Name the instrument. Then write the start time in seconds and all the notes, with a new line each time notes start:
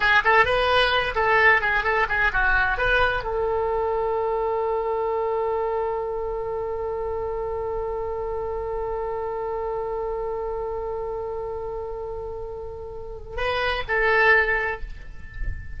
oboe
0.00 G#4
0.24 A4
0.45 B4
1.15 A4
1.61 G#4
1.83 A4
2.08 G#4
2.32 F#4
2.77 B4
3.23 A4
13.36 B4
13.88 A4